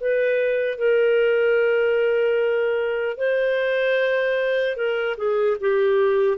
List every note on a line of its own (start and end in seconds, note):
0.00 0.78 B4
0.78 3.17 A#4
3.17 4.76 C5
4.76 5.16 A#4
5.17 5.57 G#4
5.61 6.38 G4